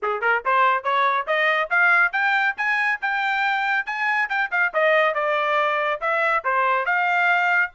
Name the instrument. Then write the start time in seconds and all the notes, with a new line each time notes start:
trumpet
0.02 G#4
0.21 A#4
0.45 C5
0.83 C#5
1.26 D#5
1.69 F5
2.12 G5
2.57 G#5
3.01 G5
3.86 G#5
4.29 G5
4.51 F5
4.73 D#5
5.14 D5
6.00 E5
6.44 C5
6.85 F5